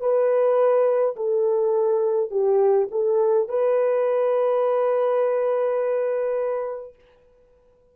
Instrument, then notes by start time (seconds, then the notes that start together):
horn
0.00 B4
1.16 A4
2.30 G4
2.91 A4
3.48 B4